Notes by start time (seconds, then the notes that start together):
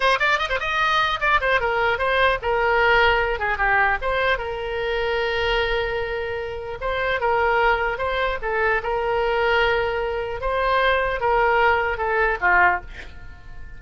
0.00 C5
0.19 D5
0.38 D#5
0.49 C5
0.59 D#5
1.20 D5
1.40 C5
1.60 A#4
1.98 C5
2.42 A#4
3.39 G#4
3.57 G4
4.01 C5
4.37 A#4
6.81 C5
7.20 A#4
7.98 C5
8.41 A4
8.82 A#4
10.41 C5
11.20 A#4
11.97 A4
12.41 F4